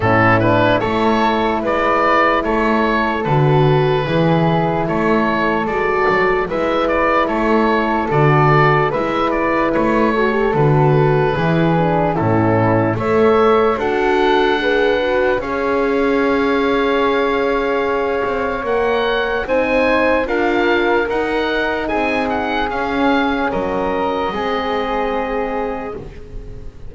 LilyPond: <<
  \new Staff \with { instrumentName = "oboe" } { \time 4/4 \tempo 4 = 74 a'8 b'8 cis''4 d''4 cis''4 | b'2 cis''4 d''4 | e''8 d''8 cis''4 d''4 e''8 d''8 | cis''4 b'2 a'4 |
e''4 fis''2 f''4~ | f''2. fis''4 | gis''4 f''4 fis''4 gis''8 fis''8 | f''4 dis''2. | }
  \new Staff \with { instrumentName = "flute" } { \time 4/4 e'4 a'4 b'4 a'4~ | a'4 gis'4 a'2 | b'4 a'2 b'4~ | b'8 a'4. gis'4 e'4 |
cis''4 a'4 b'4 cis''4~ | cis''1 | c''4 ais'2 gis'4~ | gis'4 ais'4 gis'2 | }
  \new Staff \with { instrumentName = "horn" } { \time 4/4 cis'8 d'8 e'2. | fis'4 e'2 fis'4 | e'2 fis'4 e'4~ | e'8 fis'16 g'16 fis'4 e'8 d'8 cis'4 |
a'4 fis'4 gis'8 fis'8 gis'4~ | gis'2. ais'4 | dis'4 f'4 dis'2 | cis'2 c'2 | }
  \new Staff \with { instrumentName = "double bass" } { \time 4/4 a,4 a4 gis4 a4 | d4 e4 a4 gis8 fis8 | gis4 a4 d4 gis4 | a4 d4 e4 a,4 |
a4 d'2 cis'4~ | cis'2~ cis'8 c'8 ais4 | c'4 d'4 dis'4 c'4 | cis'4 fis4 gis2 | }
>>